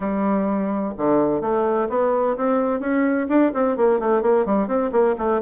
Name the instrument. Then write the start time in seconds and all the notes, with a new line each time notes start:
bassoon
0.00 G3
0.97 D3
1.41 A3
1.89 B3
2.36 C4
2.80 C#4
3.28 D4
3.54 C4
3.76 A#3
3.99 A3
4.22 A#3
4.45 G3
4.67 C4
4.91 A#3
5.18 A3